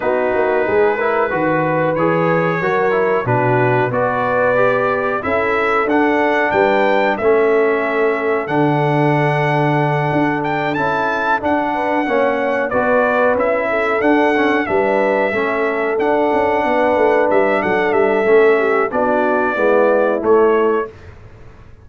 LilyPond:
<<
  \new Staff \with { instrumentName = "trumpet" } { \time 4/4 \tempo 4 = 92 b'2. cis''4~ | cis''4 b'4 d''2 | e''4 fis''4 g''4 e''4~ | e''4 fis''2. |
g''8 a''4 fis''2 d''8~ | d''8 e''4 fis''4 e''4.~ | e''8 fis''2 e''8 fis''8 e''8~ | e''4 d''2 cis''4 | }
  \new Staff \with { instrumentName = "horn" } { \time 4/4 fis'4 gis'8 ais'8 b'2 | ais'4 fis'4 b'2 | a'2 b'4 a'4~ | a'1~ |
a'2 b'8 cis''4 b'8~ | b'4 a'4. b'4 a'8~ | a'4. b'4. a'4~ | a'8 g'8 fis'4 e'2 | }
  \new Staff \with { instrumentName = "trombone" } { \time 4/4 dis'4. e'8 fis'4 gis'4 | fis'8 e'8 d'4 fis'4 g'4 | e'4 d'2 cis'4~ | cis'4 d'2.~ |
d'8 e'4 d'4 cis'4 fis'8~ | fis'8 e'4 d'8 cis'8 d'4 cis'8~ | cis'8 d'2.~ d'8 | cis'4 d'4 b4 a4 | }
  \new Staff \with { instrumentName = "tuba" } { \time 4/4 b8 ais8 gis4 dis4 e4 | fis4 b,4 b2 | cis'4 d'4 g4 a4~ | a4 d2~ d8 d'8~ |
d'8 cis'4 d'4 ais4 b8~ | b8 cis'4 d'4 g4 a8~ | a8 d'8 cis'8 b8 a8 g8 fis8 g8 | a4 b4 gis4 a4 | }
>>